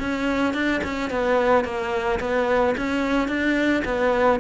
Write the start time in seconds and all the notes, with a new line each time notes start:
0.00 C#4
0.54 D4
0.84 C#4
1.11 B3
1.65 A#3
2.20 B3
2.78 C#4
3.29 D4
3.85 B3